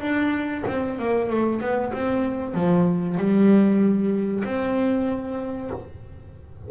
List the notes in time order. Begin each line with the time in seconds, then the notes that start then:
0.00 D4
0.67 C4
0.98 A#3
1.29 A3
1.60 B3
1.93 C4
2.54 F3
3.17 G3
4.44 C4